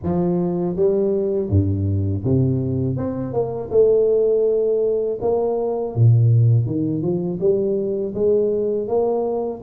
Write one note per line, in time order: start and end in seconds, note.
0.03 0.76 F3
0.76 1.49 G3
1.49 2.23 G2
2.24 2.96 C3
2.96 3.33 C4
3.33 3.70 A#3
3.70 5.19 A3
5.21 5.95 A#3
5.95 6.66 A#2
6.66 7.02 D#3
7.02 7.39 F3
7.40 8.14 G3
8.14 8.87 G#3
8.87 9.61 A#3